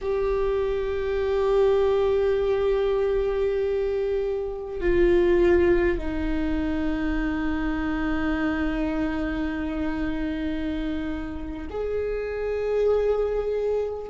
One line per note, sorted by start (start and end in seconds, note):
0.01 4.80 G4
4.80 5.97 F4
5.97 11.67 D#4
11.70 14.09 G#4